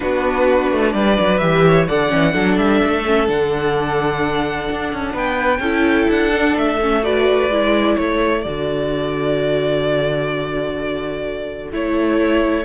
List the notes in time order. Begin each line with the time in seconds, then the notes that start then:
0.00 B3 D4 F#4 B4
0.72 A3
0.93 G3 B4 D5
1.19 F#3
1.38 E3 G4 E5
1.65 C#5
1.87 D3 A4 D5 F#5
2.09 E3 C#4
2.32 F#3 D4 A4
2.57 G3 E5
2.84 A3
3.05 C#4
3.27 D3 D4 F#5
4.70 D4
4.92 C#4
5.12 B3 B4 G5
5.59 C#4 E4 A4
6.08 D4 F#5
6.32 D4
6.56 A3 E5
6.82 C#4
7.02 F#4 B4 D5
7.49 G#3 E4
7.96 A3 A4 C#5
8.41 D3 F#4 D5
11.72 A3 E4 C#5